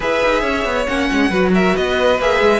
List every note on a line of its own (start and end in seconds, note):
0.00 0.21 E4
0.00 0.86 G#4
0.00 0.40 B4
0.00 0.86 E5
0.23 0.43 D#4
0.40 0.64 C#4
0.40 1.28 C#5
0.64 0.86 B3
0.86 1.10 A#3
0.86 1.31 C#4
0.86 1.52 F#5
1.12 1.30 G#3
1.29 1.73 F#3
1.29 2.19 F#4
1.29 1.51 B4
1.53 1.75 A#4
1.53 1.76 E5
1.75 2.19 B3
1.75 2.59 B4
1.75 2.20 D#5
2.19 2.40 A#3
2.19 2.59 G#4
2.19 2.59 E5
2.40 2.59 G#3